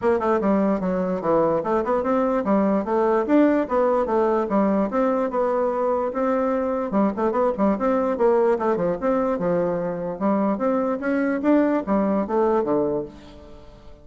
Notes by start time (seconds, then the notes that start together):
0.01 A#3
0.19 A3
0.41 G3
0.80 F#3
1.21 E3
1.63 A3
1.84 B3
2.03 C4
2.44 G3
2.84 A3
3.26 D4
3.68 B3
4.05 A3
4.49 G3
4.90 C4
5.30 B3
6.13 C4
6.91 G3
7.16 A3
7.31 B3
7.57 G3
7.78 C4
8.17 A#3
8.58 A3
8.76 F3
9.00 C4
9.38 F3
10.19 G3
10.58 C4
10.99 C#4
11.42 D4
11.86 G3
12.27 A3
12.63 D3